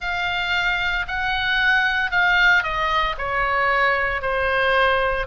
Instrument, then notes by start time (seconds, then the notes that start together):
oboe
0.00 F5
1.07 F#5
2.11 F5
2.63 D#5
3.18 C#5
4.21 C5